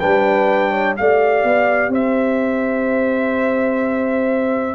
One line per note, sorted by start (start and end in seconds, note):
0.00 0.99 G3
0.00 0.97 D4
0.00 0.71 B4
0.00 0.95 G5
0.71 0.95 C#5
0.97 1.44 A3
0.97 4.76 G4
0.97 1.92 D5
0.97 1.93 F5
1.44 1.89 B3
1.89 4.75 C4
1.89 4.76 C5
1.89 4.76 E5